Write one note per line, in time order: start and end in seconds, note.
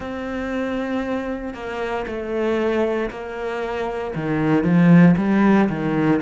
0.00 1.54 C4
1.54 2.05 A#3
2.06 3.10 A3
3.10 4.14 A#3
4.15 4.63 D#3
4.63 5.15 F3
5.17 5.68 G3
5.69 6.21 D#3